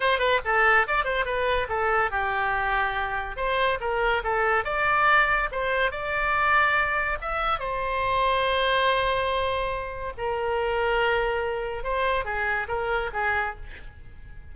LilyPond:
\new Staff \with { instrumentName = "oboe" } { \time 4/4 \tempo 4 = 142 c''8 b'8 a'4 d''8 c''8 b'4 | a'4 g'2. | c''4 ais'4 a'4 d''4~ | d''4 c''4 d''2~ |
d''4 e''4 c''2~ | c''1 | ais'1 | c''4 gis'4 ais'4 gis'4 | }